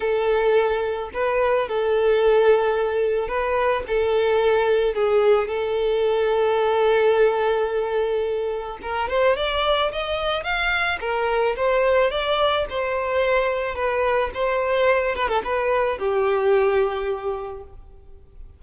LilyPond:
\new Staff \with { instrumentName = "violin" } { \time 4/4 \tempo 4 = 109 a'2 b'4 a'4~ | a'2 b'4 a'4~ | a'4 gis'4 a'2~ | a'1 |
ais'8 c''8 d''4 dis''4 f''4 | ais'4 c''4 d''4 c''4~ | c''4 b'4 c''4. b'16 a'16 | b'4 g'2. | }